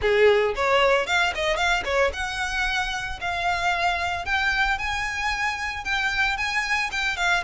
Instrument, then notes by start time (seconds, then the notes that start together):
violin
0.01 G#4
0.55 C#5
1.06 F5
1.34 D#5
1.56 F5
1.84 C#5
2.13 F#5
3.21 F5
4.25 G5
4.78 G#5
5.84 G5
6.37 G#5
6.91 G5
7.17 F5